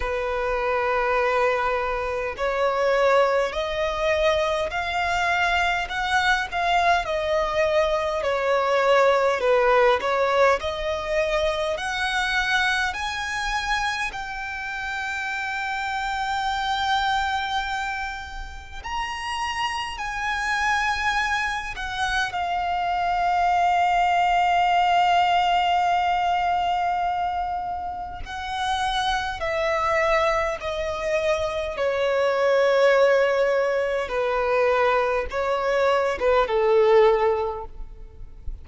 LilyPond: \new Staff \with { instrumentName = "violin" } { \time 4/4 \tempo 4 = 51 b'2 cis''4 dis''4 | f''4 fis''8 f''8 dis''4 cis''4 | b'8 cis''8 dis''4 fis''4 gis''4 | g''1 |
ais''4 gis''4. fis''8 f''4~ | f''1 | fis''4 e''4 dis''4 cis''4~ | cis''4 b'4 cis''8. b'16 a'4 | }